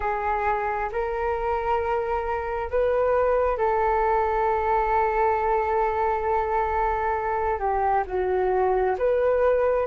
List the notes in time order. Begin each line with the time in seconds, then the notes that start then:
0.00 G#4
0.92 A#4
2.70 B4
3.57 A4
7.59 G4
8.06 F#4
8.98 B4